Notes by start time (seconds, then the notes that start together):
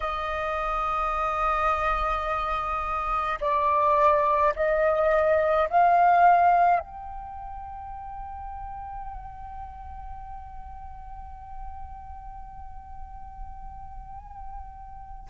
0.00 D#5
3.40 D5
4.55 D#5
5.69 F5
6.79 G5